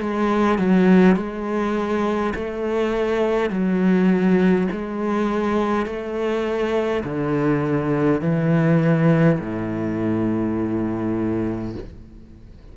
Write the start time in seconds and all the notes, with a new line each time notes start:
0.00 G#3
0.59 F#3
1.17 G#3
2.35 A3
3.50 F#3
4.72 G#3
5.86 A3
7.04 D3
8.21 E3
9.40 A2